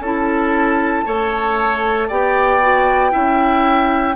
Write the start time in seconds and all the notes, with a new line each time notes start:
0.00 C#4 E4 A4
0.06 A5
1.06 A3 A4 C#5
2.08 B3 G4 D5 G5
2.62 F#4
3.11 C#4 E4 E5